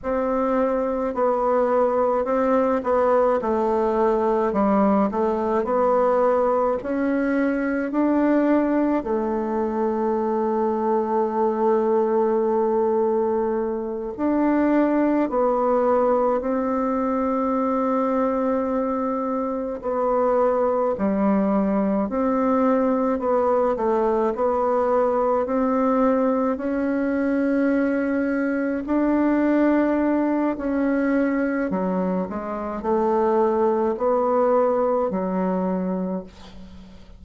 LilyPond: \new Staff \with { instrumentName = "bassoon" } { \time 4/4 \tempo 4 = 53 c'4 b4 c'8 b8 a4 | g8 a8 b4 cis'4 d'4 | a1~ | a8 d'4 b4 c'4.~ |
c'4. b4 g4 c'8~ | c'8 b8 a8 b4 c'4 cis'8~ | cis'4. d'4. cis'4 | fis8 gis8 a4 b4 fis4 | }